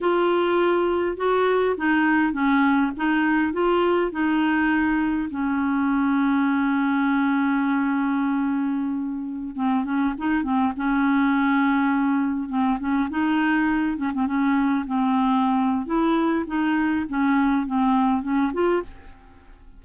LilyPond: \new Staff \with { instrumentName = "clarinet" } { \time 4/4 \tempo 4 = 102 f'2 fis'4 dis'4 | cis'4 dis'4 f'4 dis'4~ | dis'4 cis'2.~ | cis'1~ |
cis'16 c'8 cis'8 dis'8 c'8 cis'4.~ cis'16~ | cis'4~ cis'16 c'8 cis'8 dis'4. cis'16 | c'16 cis'4 c'4.~ c'16 e'4 | dis'4 cis'4 c'4 cis'8 f'8 | }